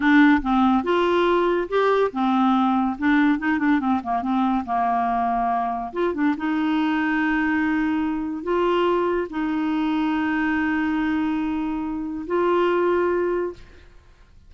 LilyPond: \new Staff \with { instrumentName = "clarinet" } { \time 4/4 \tempo 4 = 142 d'4 c'4 f'2 | g'4 c'2 d'4 | dis'8 d'8 c'8 ais8 c'4 ais4~ | ais2 f'8 d'8 dis'4~ |
dis'1 | f'2 dis'2~ | dis'1~ | dis'4 f'2. | }